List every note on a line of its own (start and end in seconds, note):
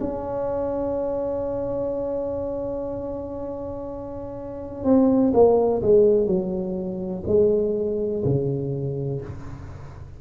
0.00 4.84 C#4
4.84 5.32 C4
5.33 5.81 A#3
5.82 6.26 G#3
6.26 7.23 F#3
7.27 8.23 G#3
8.24 9.21 C#3